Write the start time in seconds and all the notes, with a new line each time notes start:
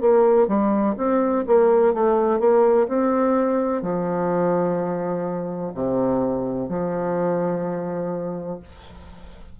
0.00 A#3
0.47 G3
0.97 C4
1.46 A#3
1.94 A3
2.39 A#3
2.87 C4
3.81 F3
5.74 C3
6.68 F3